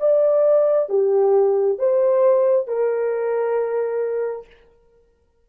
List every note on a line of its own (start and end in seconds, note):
0.00 0.89 D5
0.89 1.79 G4
1.79 2.68 C5
2.68 4.47 A#4